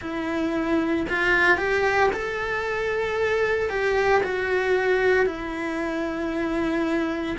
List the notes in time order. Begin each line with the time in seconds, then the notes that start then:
0.00 E4
1.09 F4
1.57 G4
2.13 A4
3.69 G4
4.23 F#4
5.25 E4